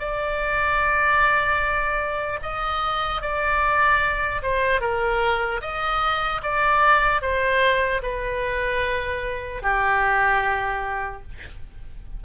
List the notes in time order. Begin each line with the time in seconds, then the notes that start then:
0.00 D5
2.43 D#5
3.22 D5
4.43 C5
4.81 A#4
5.62 D#5
6.43 D5
7.22 C5
8.03 B4
9.63 G4